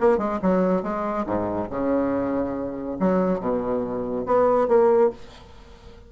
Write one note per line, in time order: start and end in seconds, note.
0.00 0.18 A#3
0.18 0.39 G#3
0.42 0.82 F#3
0.82 1.25 G#3
1.26 1.69 G#2
1.70 2.97 C#3
2.99 3.40 F#3
3.40 4.25 B2
4.26 4.68 B3
4.68 5.10 A#3